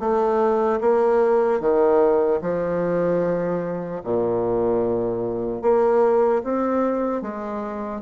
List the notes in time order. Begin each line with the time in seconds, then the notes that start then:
0.00 A3
0.80 A#3
1.60 D#3
2.41 F3
4.04 A#2
5.62 A#3
6.44 C4
7.22 G#3